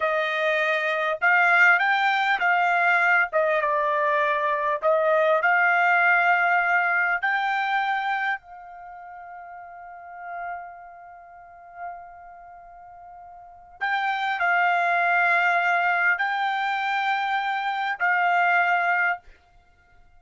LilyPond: \new Staff \with { instrumentName = "trumpet" } { \time 4/4 \tempo 4 = 100 dis''2 f''4 g''4 | f''4. dis''8 d''2 | dis''4 f''2. | g''2 f''2~ |
f''1~ | f''2. g''4 | f''2. g''4~ | g''2 f''2 | }